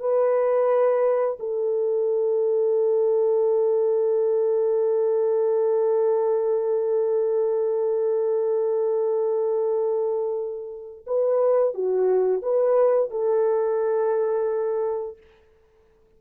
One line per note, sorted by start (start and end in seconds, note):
0.00 1.38 B4
1.40 11.05 A4
11.07 11.75 B4
11.75 12.43 F#4
12.43 13.11 B4
13.11 15.18 A4